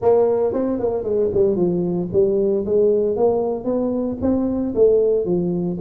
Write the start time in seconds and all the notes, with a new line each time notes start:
0.01 A#3
0.53 C4
0.79 A#3
1.03 G#3
1.33 G3
1.56 F3
2.12 G3
2.65 G#3
3.16 A#3
3.64 B3
4.21 C4
4.74 A3
5.25 F3